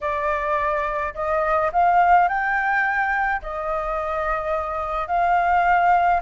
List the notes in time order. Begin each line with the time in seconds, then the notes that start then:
0.00 D5
1.14 D#5
1.72 F5
2.28 G5
3.41 D#5
5.07 F5